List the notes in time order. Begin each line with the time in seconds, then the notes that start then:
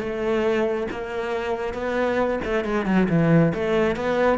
0.00 A3
0.92 A#3
1.74 B3
2.45 A3
2.65 G#3
2.86 F#3
3.10 E3
3.55 A3
3.97 B3